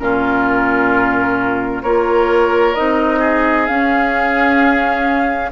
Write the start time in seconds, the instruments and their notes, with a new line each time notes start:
0.00 bassoon A#2, clarinet C#4, oboe F4, flute A#4
1.83 bassoon A#3, clarinet F4, oboe A#4, flute C#5
2.75 bassoon C4, clarinet D#4, flute D#5
3.19 oboe G#4
3.67 clarinet C#4, bassoon C#4, flute F5